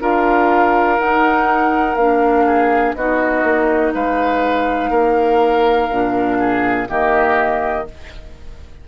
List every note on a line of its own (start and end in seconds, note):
0.00 0.98 D4
0.00 0.98 F4
0.00 2.46 A#4
0.00 0.99 F5
0.98 1.96 D#4
0.98 1.97 D#4
0.98 1.95 F#5
1.95 2.94 A#3
1.95 2.97 D4
1.95 2.93 F5
2.46 2.95 G#4
2.94 3.43 B3
2.94 5.92 D#4
2.94 3.94 F#4
2.94 3.93 D#5
3.43 3.93 A#3
3.94 4.90 G#3
3.94 4.90 B4
3.94 6.89 F5
4.90 5.88 A#3
4.90 6.37 A#4
5.91 6.89 A#2
5.91 6.87 D4
6.39 6.88 G#4
6.87 7.88 D#3
6.87 7.85 A#3
6.87 7.87 G4
6.87 7.87 D#5